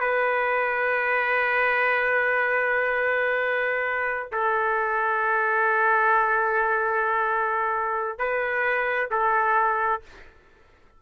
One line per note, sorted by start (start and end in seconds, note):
0.00 4.32 B4
4.32 8.19 A4
8.19 9.10 B4
9.11 10.02 A4